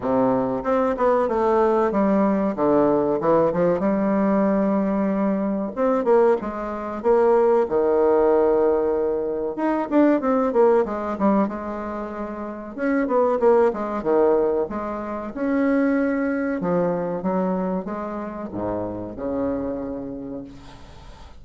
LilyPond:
\new Staff \with { instrumentName = "bassoon" } { \time 4/4 \tempo 4 = 94 c4 c'8 b8 a4 g4 | d4 e8 f8 g2~ | g4 c'8 ais8 gis4 ais4 | dis2. dis'8 d'8 |
c'8 ais8 gis8 g8 gis2 | cis'8 b8 ais8 gis8 dis4 gis4 | cis'2 f4 fis4 | gis4 gis,4 cis2 | }